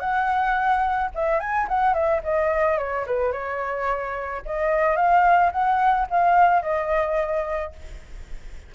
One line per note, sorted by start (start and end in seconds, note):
0.00 1.10 F#5
1.15 1.40 E5
1.40 1.67 G#5
1.68 1.94 F#5
1.94 2.21 E5
2.24 2.78 D#5
2.78 3.05 C#5
3.07 3.32 B4
3.32 4.42 C#5
4.45 4.96 D#5
4.96 5.51 F5
5.52 6.07 F#5
6.10 6.62 F5
6.62 7.72 D#5